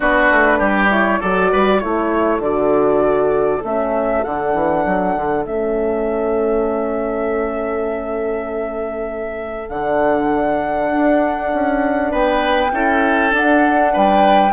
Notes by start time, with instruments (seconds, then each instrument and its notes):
0.00 bassoon B3, horn D4, oboe F#4, flute B4
0.31 bassoon A3
0.58 bassoon G3, oboe G4
0.90 horn E4, flute C#5
1.20 bassoon F#3, horn F#4, oboe A4, flute D5
1.52 bassoon G3, oboe B4
1.79 bassoon A3, horn E4, oboe A4, flute C#5
2.39 bassoon D3, horn F#4, flute D5
3.64 bassoon A3, horn C#4, flute E5
4.23 bassoon D3, horn D4, flute F#5
4.54 bassoon E3
4.85 bassoon F#3
5.16 bassoon D3
5.45 bassoon A3, horn C#4, flute E5
9.69 bassoon D3, horn D4, flute F#5
10.91 bassoon D4
11.53 bassoon C#4
12.11 bassoon B3, oboe B4, flute G5
12.71 bassoon C#4, horn E4, oboe A4
13.30 horn D4, bassoon D4, flute F#5
13.92 bassoon G3, oboe B4, flute G5